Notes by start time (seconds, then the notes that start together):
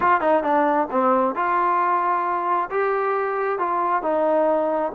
0.00 F4
0.20 D#4
0.43 D4
0.90 C4
1.35 F4
2.70 G4
3.59 F4
4.02 D#4